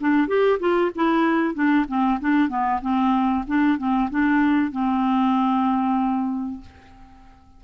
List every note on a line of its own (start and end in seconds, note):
0.00 0.27 D4
0.27 0.59 G4
0.59 0.91 F4
0.95 1.54 E4
1.54 1.85 D4
1.87 2.19 C4
2.20 2.49 D4
2.49 2.80 B3
2.81 3.44 C4
3.47 3.78 D4
3.78 4.09 C4
4.10 4.71 D4
4.71 6.61 C4